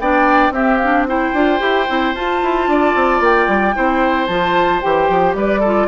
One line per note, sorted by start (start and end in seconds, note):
0.00 0.51 B3
0.00 0.54 D4
0.00 0.54 D5
0.00 0.54 G5
0.51 1.31 C4
0.51 0.80 C4
0.51 1.07 G4
0.51 0.78 E5
0.78 1.08 D4
0.78 1.05 F5
1.08 1.35 E4
1.08 2.70 C5
1.08 2.15 G5
1.34 1.61 D4
1.34 1.60 F4
1.60 1.88 E4
1.60 1.86 G4
1.88 2.15 C4
1.88 2.15 E4
2.15 2.41 F4
2.15 3.75 F4
2.15 3.23 A5
2.43 2.68 E4
2.68 2.95 D4
2.68 3.76 D5
2.96 3.21 C4
3.21 3.48 A#3
3.21 4.27 G5
3.48 3.75 G3
3.75 4.29 C4
3.75 4.28 E4
3.75 5.37 C5
4.27 4.82 F3
4.27 4.82 F4
4.27 4.81 A5
4.82 5.09 E3
4.82 5.62 G4
4.82 5.35 G5
5.09 5.35 F3
5.35 5.88 G3
5.35 5.60 B4
5.35 5.88 D5
5.60 5.88 F4
5.60 5.87 A4